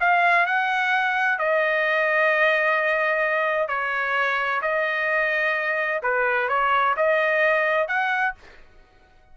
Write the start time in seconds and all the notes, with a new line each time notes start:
0.00 F5
0.46 F#5
1.38 D#5
3.68 C#5
4.62 D#5
6.02 B4
6.48 C#5
6.96 D#5
7.88 F#5